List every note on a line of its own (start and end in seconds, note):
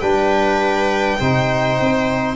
0.00 1.19 G3
0.00 1.20 D4
0.00 1.19 B4
0.00 2.35 G5
1.20 1.79 C3
1.20 2.36 D#4
1.20 2.36 C5
1.80 2.36 C4